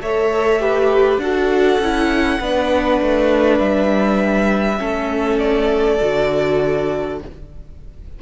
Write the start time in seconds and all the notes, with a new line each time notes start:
0.00 A3 A4 C#5 E5
0.59 G4 B4
1.18 D4 F#4 A4 F#5
1.79 C#4 E4
2.40 B3 D4 B4
3.02 A3
3.59 G3 E5
4.78 A3 C#4 A4
5.39 D5
6.00 D3 F#4